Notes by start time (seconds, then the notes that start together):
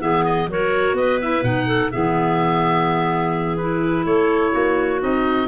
0.00 E3 B3 G#4 E5
0.25 D#5
0.47 F#3 F#4 A#4 C#5
0.92 B3 B4 D#5
1.21 E4 E5
1.43 B2 D#4 F#5
1.67 A4
1.91 E3 B3 G#4 E5
3.57 E4 B4
4.05 A3 A4 C#5
4.52 A#3 F#4
5.00 C4 D#4 D#5